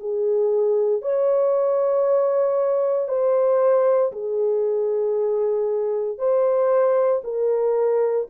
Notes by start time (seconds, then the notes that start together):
0.00 G#4
1.03 C#5
3.09 C5
4.13 G#4
6.19 C5
7.24 A#4